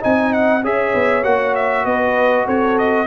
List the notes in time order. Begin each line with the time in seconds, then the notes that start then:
0.00 C4 D#4 D#5 G#5
0.33 F#5
0.63 C#4 G#4 C#5 E5
0.94 B3
1.23 A#3 F#4 F#5
1.55 E5
1.85 B3 B4 D#5
2.45 C4 A4 C#5
2.78 D#5